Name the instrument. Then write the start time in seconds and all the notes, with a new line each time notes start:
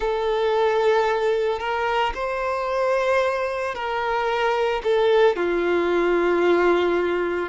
violin
0.00 A4
1.59 A#4
2.14 C5
3.75 A#4
4.83 A4
5.36 F4